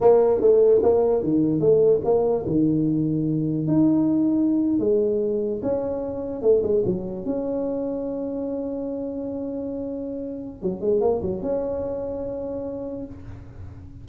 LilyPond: \new Staff \with { instrumentName = "tuba" } { \time 4/4 \tempo 4 = 147 ais4 a4 ais4 dis4 | a4 ais4 dis2~ | dis4 dis'2~ dis'8. gis16~ | gis4.~ gis16 cis'2 a16~ |
a16 gis8 fis4 cis'2~ cis'16~ | cis'1~ | cis'2 fis8 gis8 ais8 fis8 | cis'1 | }